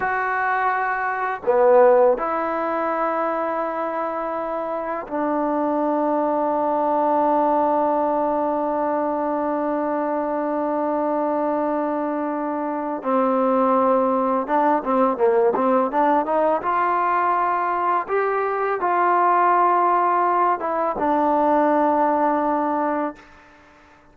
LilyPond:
\new Staff \with { instrumentName = "trombone" } { \time 4/4 \tempo 4 = 83 fis'2 b4 e'4~ | e'2. d'4~ | d'1~ | d'1~ |
d'2 c'2 | d'8 c'8 ais8 c'8 d'8 dis'8 f'4~ | f'4 g'4 f'2~ | f'8 e'8 d'2. | }